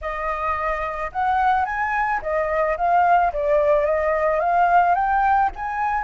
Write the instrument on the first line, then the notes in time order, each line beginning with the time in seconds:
flute
0.01 D#5
1.12 F#5
1.65 G#5
2.21 D#5
2.77 F5
3.32 D5
3.85 D#5
4.40 F5
4.94 G5
5.55 G#5